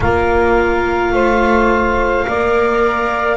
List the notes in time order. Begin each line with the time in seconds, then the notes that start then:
0.00 A#3 F4 A#4 F5
1.12 A3 C5
2.26 A#3 A#4 D5